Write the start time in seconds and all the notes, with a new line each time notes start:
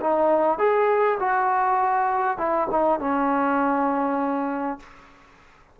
0.00 D#4
0.58 G#4
1.19 F#4
2.38 E4
2.70 D#4
2.99 C#4